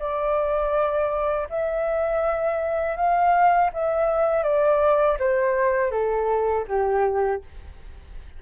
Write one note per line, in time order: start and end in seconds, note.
0.00 1.48 D5
1.50 2.97 E5
2.97 3.71 F5
3.74 4.44 E5
4.44 5.18 D5
5.20 5.92 C5
5.92 6.66 A4
6.68 7.42 G4